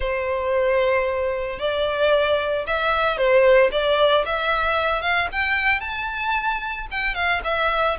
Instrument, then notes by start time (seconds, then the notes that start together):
violin
0.00 C5
1.59 D5
2.66 E5
3.17 C5
3.71 D5
4.25 E5
5.01 F5
5.31 G5
5.80 A5
6.91 G5
7.14 F5
7.44 E5